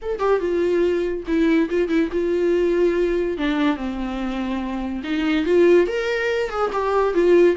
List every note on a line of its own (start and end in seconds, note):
0.02 0.19 A4
0.19 0.39 G4
0.39 1.23 F4
1.27 1.69 E4
1.69 1.88 F4
1.88 2.09 E4
2.12 3.37 F4
3.37 3.76 D4
3.76 5.02 C4
5.03 5.45 D#4
5.45 5.87 F4
5.87 6.49 A#4
6.49 6.70 G#4
6.72 7.14 G4
7.14 7.56 F4